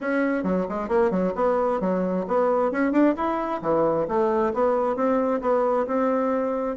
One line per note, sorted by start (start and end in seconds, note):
0.00 0.43 C#4
0.43 0.66 F#3
0.68 0.88 G#3
0.88 1.10 A#3
1.10 1.33 F#3
1.35 1.80 B3
1.80 2.25 F#3
2.27 2.71 B3
2.71 2.92 C#4
2.92 3.14 D4
3.16 3.61 E4
3.61 4.06 E3
4.08 4.53 A3
4.53 4.95 B3
4.95 5.41 C4
5.41 5.86 B3
5.86 6.76 C4